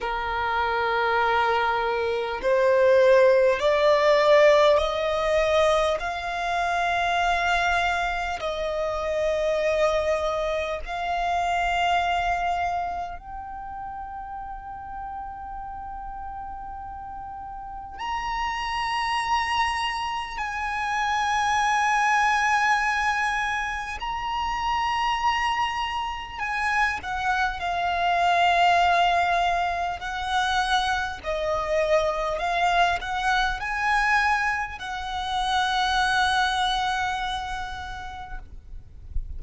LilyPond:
\new Staff \with { instrumentName = "violin" } { \time 4/4 \tempo 4 = 50 ais'2 c''4 d''4 | dis''4 f''2 dis''4~ | dis''4 f''2 g''4~ | g''2. ais''4~ |
ais''4 gis''2. | ais''2 gis''8 fis''8 f''4~ | f''4 fis''4 dis''4 f''8 fis''8 | gis''4 fis''2. | }